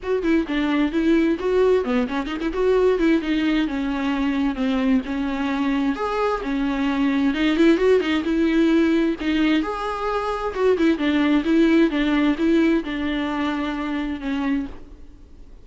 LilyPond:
\new Staff \with { instrumentName = "viola" } { \time 4/4 \tempo 4 = 131 fis'8 e'8 d'4 e'4 fis'4 | b8 cis'8 dis'16 e'16 fis'4 e'8 dis'4 | cis'2 c'4 cis'4~ | cis'4 gis'4 cis'2 |
dis'8 e'8 fis'8 dis'8 e'2 | dis'4 gis'2 fis'8 e'8 | d'4 e'4 d'4 e'4 | d'2. cis'4 | }